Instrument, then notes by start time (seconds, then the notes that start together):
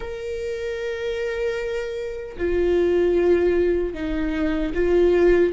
viola
0.00 A#4
2.37 F4
3.94 D#4
4.74 F4